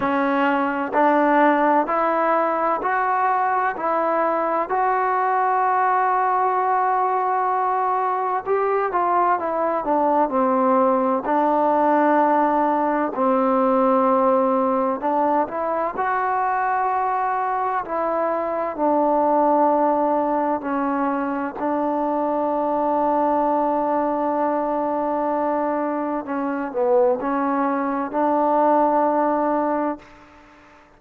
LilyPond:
\new Staff \with { instrumentName = "trombone" } { \time 4/4 \tempo 4 = 64 cis'4 d'4 e'4 fis'4 | e'4 fis'2.~ | fis'4 g'8 f'8 e'8 d'8 c'4 | d'2 c'2 |
d'8 e'8 fis'2 e'4 | d'2 cis'4 d'4~ | d'1 | cis'8 b8 cis'4 d'2 | }